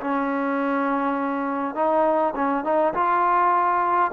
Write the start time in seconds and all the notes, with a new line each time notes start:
0.00 C#4
1.75 D#4
2.35 C#4
2.64 D#4
2.93 F4